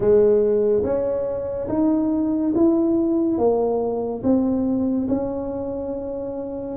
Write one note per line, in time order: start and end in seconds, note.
0.00 0.83 G#3
0.83 1.67 C#4
1.68 2.52 D#4
2.54 3.38 E4
3.38 4.22 A#3
4.23 5.07 C4
5.08 6.77 C#4